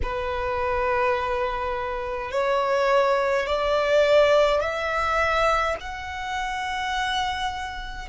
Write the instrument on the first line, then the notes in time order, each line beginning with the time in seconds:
violin
0.02 B4
2.31 C#5
3.46 D5
4.60 E5
5.80 F#5